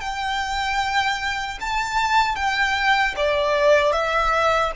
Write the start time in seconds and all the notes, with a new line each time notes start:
0.00 G5
1.60 A5
2.35 G5
3.16 D5
3.92 E5